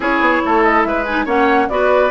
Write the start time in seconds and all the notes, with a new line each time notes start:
0.00 C#4 E4 G#4 C#5
0.20 B3
0.45 A3 A4
0.63 D#5
0.83 G#3 B4 E5
1.05 D#4 G#5
1.25 A#3 C#4 C#5 F#5
1.69 B3 F#4 B4 D5